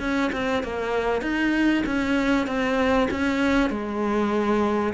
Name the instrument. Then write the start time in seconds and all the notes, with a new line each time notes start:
cello
0.00 C#4
0.33 C4
0.63 A#3
1.22 D#4
1.86 C#4
2.47 C4
3.11 C#4
3.70 G#3